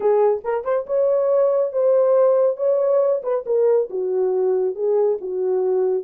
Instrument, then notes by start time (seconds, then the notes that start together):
horn
0.00 G#4
0.44 A#4
0.64 C5
0.86 C#5
1.72 C5
2.57 C#5
3.22 B4
3.46 A#4
3.90 F#4
4.75 G#4
5.21 F#4